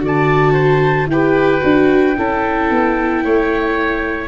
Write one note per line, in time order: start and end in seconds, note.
0.00 1.07 D3
0.00 1.07 F#4
0.00 0.53 D5
0.07 1.10 A5
0.53 1.07 C5
1.07 1.61 E4
1.07 1.61 G4
1.07 2.19 B4
1.07 4.28 G5
1.61 2.18 D4
1.61 2.15 F#4
2.18 2.71 C#4
2.18 4.28 E4
2.18 3.25 A4
2.71 3.24 B3
3.24 4.28 A3
3.24 4.28 C#5